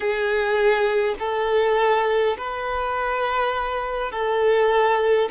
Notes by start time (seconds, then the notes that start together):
0.00 G#4
1.19 A4
2.37 B4
4.11 A4